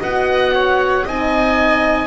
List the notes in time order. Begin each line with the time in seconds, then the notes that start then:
0.00 B3 F#4 D#5 F#5
0.55 C#5
1.05 C4 D#4 D#5 G#5